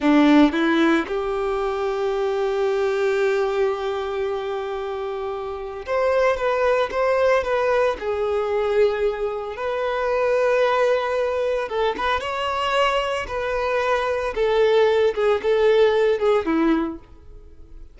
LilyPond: \new Staff \with { instrumentName = "violin" } { \time 4/4 \tempo 4 = 113 d'4 e'4 g'2~ | g'1~ | g'2. c''4 | b'4 c''4 b'4 gis'4~ |
gis'2 b'2~ | b'2 a'8 b'8 cis''4~ | cis''4 b'2 a'4~ | a'8 gis'8 a'4. gis'8 e'4 | }